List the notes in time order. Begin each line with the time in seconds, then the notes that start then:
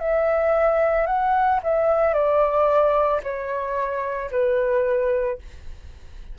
0.00 E5
1.07 F#5
1.64 E5
2.14 D5
3.23 C#5
4.31 B4